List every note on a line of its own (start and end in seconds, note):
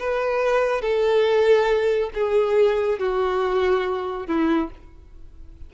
0.00 0.82 B4
0.82 2.10 A4
2.14 2.99 G#4
2.99 4.27 F#4
4.27 4.70 E4